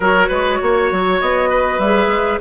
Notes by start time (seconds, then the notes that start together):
0.00 F#3 F#4 A#4 C#5
0.28 G#3 B4
0.61 A#3 C#5
0.91 F#3
1.20 B3 D#5
1.49 B4
1.78 G3 G#4 E5
2.07 G#3